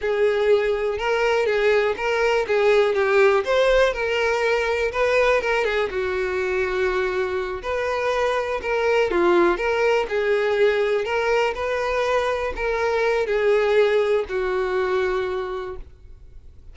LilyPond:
\new Staff \with { instrumentName = "violin" } { \time 4/4 \tempo 4 = 122 gis'2 ais'4 gis'4 | ais'4 gis'4 g'4 c''4 | ais'2 b'4 ais'8 gis'8 | fis'2.~ fis'8 b'8~ |
b'4. ais'4 f'4 ais'8~ | ais'8 gis'2 ais'4 b'8~ | b'4. ais'4. gis'4~ | gis'4 fis'2. | }